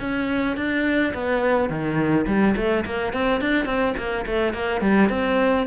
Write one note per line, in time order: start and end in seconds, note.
0.00 0.57 C#4
0.57 1.13 D4
1.14 1.69 B3
1.69 2.26 D#3
2.27 2.55 G3
2.56 2.85 A3
2.85 3.13 A#3
3.13 3.41 C4
3.41 3.66 D4
3.66 3.94 C4
3.97 4.26 A#3
4.26 4.54 A3
4.54 4.81 A#3
4.81 5.09 G3
5.10 5.66 C4